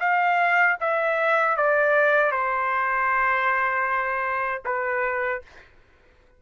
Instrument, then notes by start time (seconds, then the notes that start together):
trumpet
0.00 F5
0.81 E5
1.57 D5
2.32 C5
4.65 B4